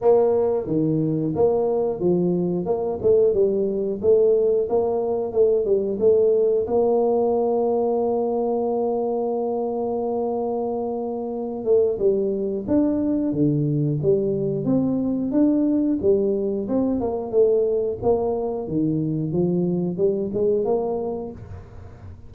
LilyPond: \new Staff \with { instrumentName = "tuba" } { \time 4/4 \tempo 4 = 90 ais4 dis4 ais4 f4 | ais8 a8 g4 a4 ais4 | a8 g8 a4 ais2~ | ais1~ |
ais4. a8 g4 d'4 | d4 g4 c'4 d'4 | g4 c'8 ais8 a4 ais4 | dis4 f4 g8 gis8 ais4 | }